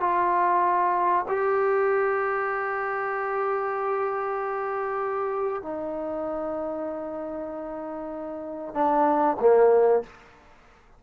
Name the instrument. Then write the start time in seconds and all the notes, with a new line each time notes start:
trombone
0.00 F4
1.28 G4
5.62 D#4
8.74 D4
9.40 A#3